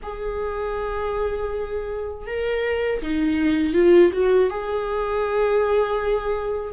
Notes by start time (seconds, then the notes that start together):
0.02 G#4
2.26 A#4
3.02 D#4
3.73 F4
4.12 F#4
4.50 G#4